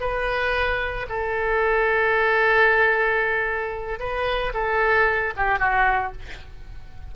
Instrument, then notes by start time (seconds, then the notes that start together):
oboe
0.00 B4
1.09 A4
3.99 B4
4.54 A4
5.36 G4
5.59 F#4